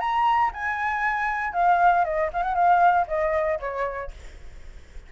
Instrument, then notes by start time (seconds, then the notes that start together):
flute
0.00 A#5
0.54 G#5
1.53 F5
2.04 D#5
2.33 F5
2.43 F#5
2.55 F5
3.08 D#5
3.60 C#5